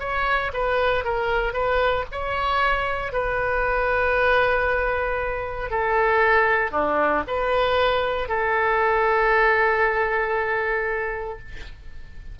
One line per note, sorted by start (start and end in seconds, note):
0.00 0.52 C#5
0.54 1.04 B4
1.04 1.53 A#4
1.53 2.05 B4
2.12 3.13 C#5
3.13 5.70 B4
5.70 6.71 A4
6.71 7.23 D4
7.27 8.29 B4
8.29 11.39 A4